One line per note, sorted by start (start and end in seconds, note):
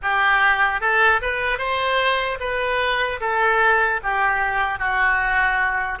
0.02 0.80 G4
0.80 1.20 A4
1.21 1.58 B4
1.58 2.38 C5
2.40 3.20 B4
3.20 4.00 A4
4.03 4.78 G4
4.78 5.98 F#4